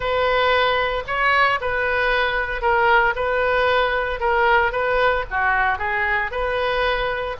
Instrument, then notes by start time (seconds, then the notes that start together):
oboe
0.00 B4
1.07 C#5
1.60 B4
2.61 A#4
3.15 B4
4.20 A#4
4.72 B4
5.30 F#4
5.78 G#4
6.31 B4